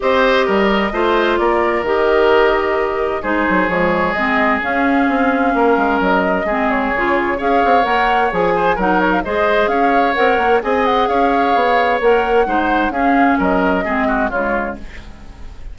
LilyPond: <<
  \new Staff \with { instrumentName = "flute" } { \time 4/4 \tempo 4 = 130 dis''2. d''4 | dis''2. c''4 | cis''4 dis''4 f''2~ | f''4 dis''4. cis''4. |
f''4 fis''4 gis''4 fis''8 cis''16 f''16 | dis''4 f''4 fis''4 gis''8 fis''8 | f''2 fis''2 | f''4 dis''2 cis''4 | }
  \new Staff \with { instrumentName = "oboe" } { \time 4/4 c''4 ais'4 c''4 ais'4~ | ais'2. gis'4~ | gis'1 | ais'2 gis'2 |
cis''2~ cis''8 c''8 ais'4 | c''4 cis''2 dis''4 | cis''2. c''4 | gis'4 ais'4 gis'8 fis'8 f'4 | }
  \new Staff \with { instrumentName = "clarinet" } { \time 4/4 g'2 f'2 | g'2. dis'4 | gis4 c'4 cis'2~ | cis'2 c'4 f'4 |
gis'4 ais'4 gis'4 dis'4 | gis'2 ais'4 gis'4~ | gis'2 ais'4 dis'4 | cis'2 c'4 gis4 | }
  \new Staff \with { instrumentName = "bassoon" } { \time 4/4 c'4 g4 a4 ais4 | dis2. gis8 fis8 | f4 gis4 cis'4 c'4 | ais8 gis8 fis4 gis4 cis4 |
cis'8 c'8 ais4 f4 fis4 | gis4 cis'4 c'8 ais8 c'4 | cis'4 b4 ais4 gis4 | cis'4 fis4 gis4 cis4 | }
>>